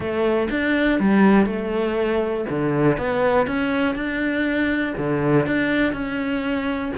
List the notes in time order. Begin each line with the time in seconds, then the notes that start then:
0.00 A3
0.50 D4
0.99 G3
1.46 A3
2.49 D3
2.97 B3
3.47 C#4
3.95 D4
4.97 D3
5.46 D4
5.93 C#4